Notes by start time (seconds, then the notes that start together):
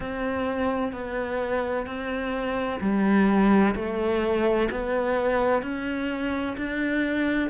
0.00 C4
0.92 B3
1.86 C4
2.80 G3
3.75 A3
4.71 B3
5.62 C#4
6.57 D4